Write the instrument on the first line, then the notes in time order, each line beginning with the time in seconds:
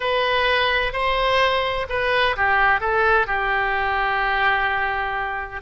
oboe
0.00 B4
0.92 C5
1.89 B4
2.36 G4
2.80 A4
3.27 G4